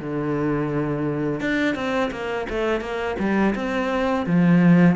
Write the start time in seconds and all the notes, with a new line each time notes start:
0.00 D3
1.41 D4
1.75 C4
2.11 A#3
2.50 A3
2.81 A#3
3.19 G3
3.56 C4
4.26 F3